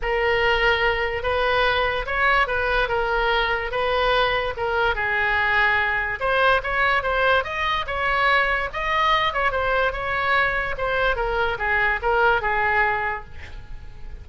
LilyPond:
\new Staff \with { instrumentName = "oboe" } { \time 4/4 \tempo 4 = 145 ais'2. b'4~ | b'4 cis''4 b'4 ais'4~ | ais'4 b'2 ais'4 | gis'2. c''4 |
cis''4 c''4 dis''4 cis''4~ | cis''4 dis''4. cis''8 c''4 | cis''2 c''4 ais'4 | gis'4 ais'4 gis'2 | }